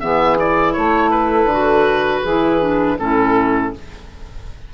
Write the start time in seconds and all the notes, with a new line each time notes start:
0.00 E3 B3 G#4 E5
0.37 E4 D5
0.73 A3 A4 C#5
1.10 B4
1.44 D3
1.51 F#4
2.21 E3 G#4
2.28 E4
2.60 D4
2.98 A2 C#4 E4 A4